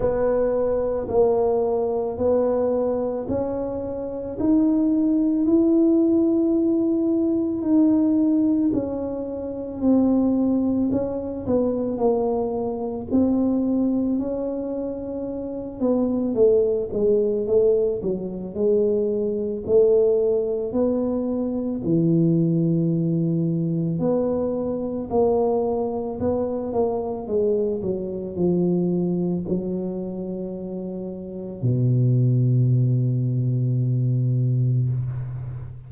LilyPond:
\new Staff \with { instrumentName = "tuba" } { \time 4/4 \tempo 4 = 55 b4 ais4 b4 cis'4 | dis'4 e'2 dis'4 | cis'4 c'4 cis'8 b8 ais4 | c'4 cis'4. b8 a8 gis8 |
a8 fis8 gis4 a4 b4 | e2 b4 ais4 | b8 ais8 gis8 fis8 f4 fis4~ | fis4 b,2. | }